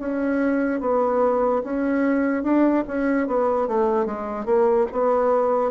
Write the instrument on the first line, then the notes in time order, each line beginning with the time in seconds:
bassoon
0.00 C#4
0.81 B3
1.64 C#4
2.44 D4
2.88 C#4
3.28 B3
3.68 A3
4.06 G#3
4.46 A#3
4.92 B3